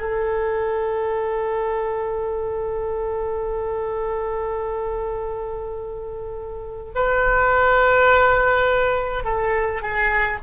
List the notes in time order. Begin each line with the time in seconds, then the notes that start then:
0.00 A4
6.95 B4
9.24 A4
9.81 G#4